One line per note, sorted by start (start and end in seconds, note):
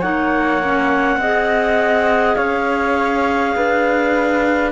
0.00 1.17 A#3
0.00 0.60 D#4
0.00 1.18 C#5
0.00 2.35 F#5
0.63 1.20 C#4
1.17 2.34 C4
1.17 4.71 G#4
1.17 2.36 D#5
2.35 3.55 C#4
2.35 3.54 C#5
2.35 4.70 F5
3.55 4.71 D4
3.55 4.71 B4